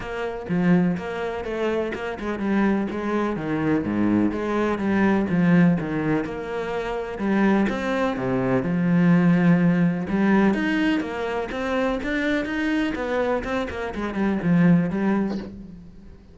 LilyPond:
\new Staff \with { instrumentName = "cello" } { \time 4/4 \tempo 4 = 125 ais4 f4 ais4 a4 | ais8 gis8 g4 gis4 dis4 | gis,4 gis4 g4 f4 | dis4 ais2 g4 |
c'4 c4 f2~ | f4 g4 dis'4 ais4 | c'4 d'4 dis'4 b4 | c'8 ais8 gis8 g8 f4 g4 | }